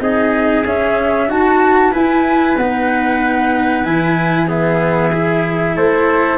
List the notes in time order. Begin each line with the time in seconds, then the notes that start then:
0.00 C4 D#4 G#4 D#5
0.65 C#4 E5
1.28 D#4 F#4 A5
1.92 E4 B4 G#5
2.57 B3 D#4 F#5
3.84 E3 E4 G#5
4.47 B3 G#4 E5
5.13 E4
5.76 A3 A4 C5